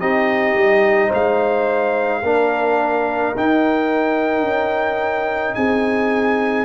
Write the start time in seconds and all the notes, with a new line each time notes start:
0.00 C4 D#4 G4 D#5
0.54 G3
1.08 G#3 C5
1.14 F5
2.23 A#3 D4 A#4
3.36 D#4 G5
4.43 C#4
5.55 C4 G#4 G#5